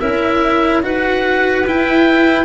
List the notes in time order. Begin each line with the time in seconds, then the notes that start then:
0.00 C#4 E4 A#4 E5
0.83 D#4 F#4 B4 F#5
1.67 E4 G5